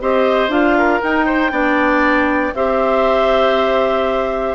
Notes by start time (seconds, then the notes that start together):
0.00 C4 G4 C5 D#5
0.48 D4 F4 F5
0.78 A#4
1.02 D#4 G5
1.25 C5
1.50 B3 D4 D5
2.54 C4 G4 C5 E5